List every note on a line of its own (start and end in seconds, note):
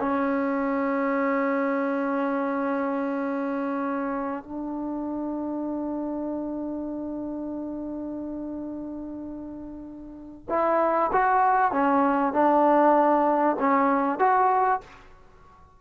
0.00 4.44 C#4
4.44 10.47 D4
10.49 11.11 E4
11.13 11.72 F#4
11.72 12.33 C#4
12.33 13.57 D4
13.60 14.19 C#4
14.19 14.81 F#4